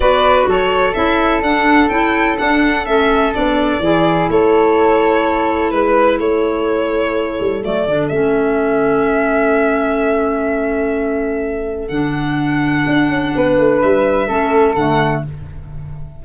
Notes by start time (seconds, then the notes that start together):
0.00 B3 F#4 B4 D5
0.46 F#3 A4 C#5
0.93 C#4 E4 E5
1.41 D4 F#5
1.88 C#4 E4 G5
2.37 D4 F#5
2.85 A3 C#4 E5
3.33 B3 D4 D5
3.79 E3 E4 G#4
4.29 A3 A4 C#5
5.70 G#3 B4
6.18 A3 A4 C#5
7.40 G3
7.62 F#3 A3 D5
7.86 D3 D4
8.08 A3 C#4 E5
11.87 D3 D4 F#5
12.86 D4
13.08 C#4
13.35 B3 B4
13.57 A3
13.81 G3 E5
14.27 A3 C#4 A4
14.75 D3 A3 F#5